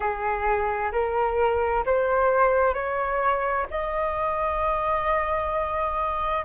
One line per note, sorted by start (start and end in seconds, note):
0.00 0.91 G#4
0.91 1.84 A#4
1.85 2.74 C5
2.74 3.66 C#5
3.70 6.44 D#5